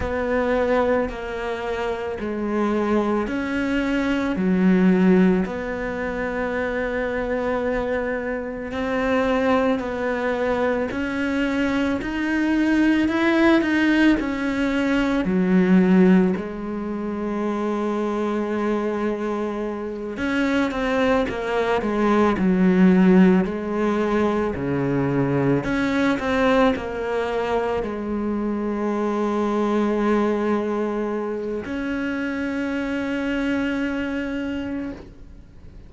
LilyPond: \new Staff \with { instrumentName = "cello" } { \time 4/4 \tempo 4 = 55 b4 ais4 gis4 cis'4 | fis4 b2. | c'4 b4 cis'4 dis'4 | e'8 dis'8 cis'4 fis4 gis4~ |
gis2~ gis8 cis'8 c'8 ais8 | gis8 fis4 gis4 cis4 cis'8 | c'8 ais4 gis2~ gis8~ | gis4 cis'2. | }